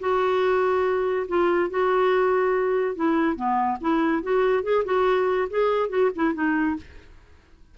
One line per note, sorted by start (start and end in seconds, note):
0.00 1.27 F#4
1.28 1.70 F4
1.70 2.96 F#4
2.96 3.36 E4
3.36 3.78 B3
3.81 4.23 E4
4.23 4.63 F#4
4.63 4.84 G#4
4.85 5.48 F#4
5.50 5.89 G#4
5.89 6.11 F#4
6.16 6.34 E4
6.34 6.77 D#4